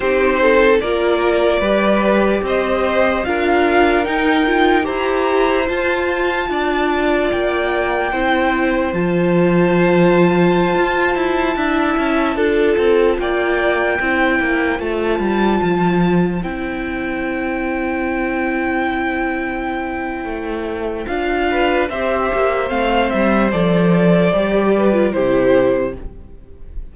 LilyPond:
<<
  \new Staff \with { instrumentName = "violin" } { \time 4/4 \tempo 4 = 74 c''4 d''2 dis''4 | f''4 g''4 ais''4 a''4~ | a''4 g''2 a''4~ | a''1~ |
a''16 g''2 a''4.~ a''16~ | a''16 g''2.~ g''8.~ | g''2 f''4 e''4 | f''8 e''8 d''2 c''4 | }
  \new Staff \with { instrumentName = "violin" } { \time 4/4 g'8 a'8 ais'4 b'4 c''4 | ais'2 c''2 | d''2 c''2~ | c''2~ c''16 e''4 a'8.~ |
a'16 d''4 c''2~ c''8.~ | c''1~ | c''2~ c''8 b'8 c''4~ | c''2~ c''8 b'8 g'4 | }
  \new Staff \with { instrumentName = "viola" } { \time 4/4 dis'4 f'4 g'2 | f'4 dis'8 f'8 g'4 f'4~ | f'2 e'4 f'4~ | f'2~ f'16 e'4 f'8.~ |
f'4~ f'16 e'4 f'4.~ f'16~ | f'16 e'2.~ e'8.~ | e'2 f'4 g'4 | c'4 a'4 g'8. f'16 e'4 | }
  \new Staff \with { instrumentName = "cello" } { \time 4/4 c'4 ais4 g4 c'4 | d'4 dis'4 e'4 f'4 | d'4 ais4 c'4 f4~ | f4~ f16 f'8 e'8 d'8 cis'8 d'8 c'16~ |
c'16 ais4 c'8 ais8 a8 g8 f8.~ | f16 c'2.~ c'8.~ | c'4 a4 d'4 c'8 ais8 | a8 g8 f4 g4 c4 | }
>>